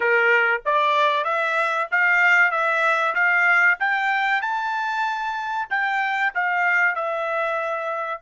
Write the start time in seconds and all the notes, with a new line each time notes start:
0.00 A#4
0.65 D5
1.24 E5
1.91 F5
2.51 E5
3.14 F5
3.79 G5
4.41 A5
5.70 G5
6.34 F5
6.95 E5